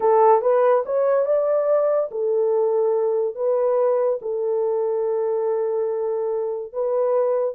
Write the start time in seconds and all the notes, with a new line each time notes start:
0.00 A4
0.41 B4
0.85 C#5
1.25 D5
2.11 A4
3.35 B4
4.21 A4
6.72 B4